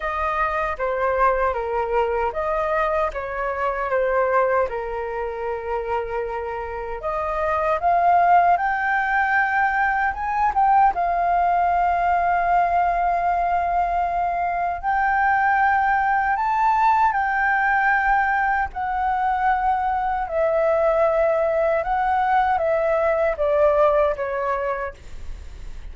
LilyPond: \new Staff \with { instrumentName = "flute" } { \time 4/4 \tempo 4 = 77 dis''4 c''4 ais'4 dis''4 | cis''4 c''4 ais'2~ | ais'4 dis''4 f''4 g''4~ | g''4 gis''8 g''8 f''2~ |
f''2. g''4~ | g''4 a''4 g''2 | fis''2 e''2 | fis''4 e''4 d''4 cis''4 | }